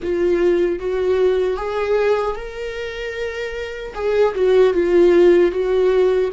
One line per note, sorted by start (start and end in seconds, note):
0.02 0.79 F4
0.79 1.56 F#4
1.56 2.35 G#4
2.35 3.93 A#4
3.94 4.34 G#4
4.34 4.73 F#4
4.73 5.51 F4
5.51 6.30 F#4